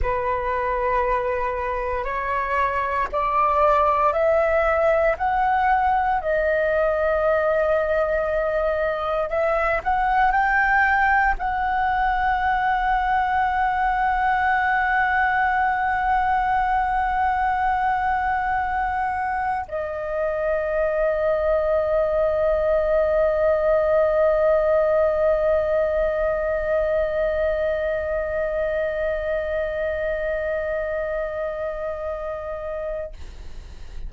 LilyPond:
\new Staff \with { instrumentName = "flute" } { \time 4/4 \tempo 4 = 58 b'2 cis''4 d''4 | e''4 fis''4 dis''2~ | dis''4 e''8 fis''8 g''4 fis''4~ | fis''1~ |
fis''2. dis''4~ | dis''1~ | dis''1~ | dis''1 | }